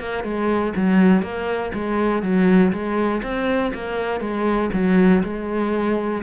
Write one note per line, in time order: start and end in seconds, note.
0.00 0.24 A#3
0.24 0.74 G#3
0.76 1.23 F#3
1.23 1.72 A#3
1.74 2.23 G#3
2.23 2.72 F#3
2.73 3.22 G#3
3.23 3.73 C4
3.75 4.21 A#3
4.21 4.70 G#3
4.74 5.23 F#3
5.23 6.23 G#3